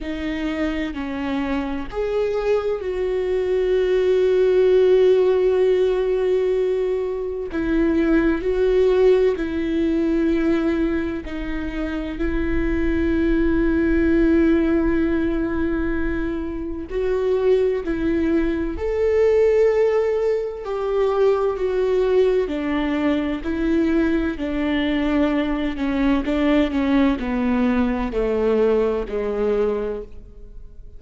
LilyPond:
\new Staff \with { instrumentName = "viola" } { \time 4/4 \tempo 4 = 64 dis'4 cis'4 gis'4 fis'4~ | fis'1 | e'4 fis'4 e'2 | dis'4 e'2.~ |
e'2 fis'4 e'4 | a'2 g'4 fis'4 | d'4 e'4 d'4. cis'8 | d'8 cis'8 b4 a4 gis4 | }